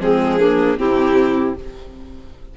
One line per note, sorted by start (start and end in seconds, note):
0.00 0.77 F3
0.00 0.40 G#3
0.00 0.38 C4
0.00 0.79 G#4
0.38 0.77 A#3
0.38 0.77 D4
0.77 1.57 C3
0.77 1.54 C4
0.77 1.55 E4
0.77 1.56 G4